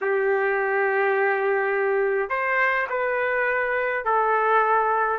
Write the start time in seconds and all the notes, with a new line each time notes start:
0.01 G4
2.29 C5
2.89 B4
4.05 A4